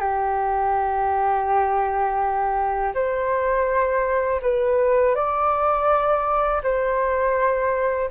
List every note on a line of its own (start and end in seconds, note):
0.00 2.93 G4
2.94 4.41 C5
4.42 5.15 B4
5.15 6.62 D5
6.63 8.10 C5